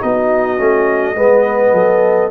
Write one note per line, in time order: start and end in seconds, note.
0.00 0.59 B3
0.00 0.57 D#4
0.00 1.16 F#4
0.00 2.30 D#5
0.57 1.15 A3
0.57 1.15 C#4
1.15 1.73 G#3
1.15 2.30 B3
1.15 1.73 B4
1.73 2.30 F#3
1.73 2.30 A4